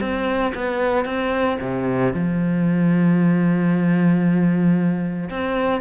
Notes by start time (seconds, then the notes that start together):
0.00 C4
0.54 B3
1.05 C4
1.60 C3
2.13 F3
5.29 C4